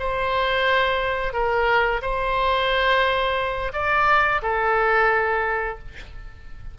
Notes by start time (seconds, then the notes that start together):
0.00 C5
1.33 A#4
2.02 C5
3.73 D5
4.43 A4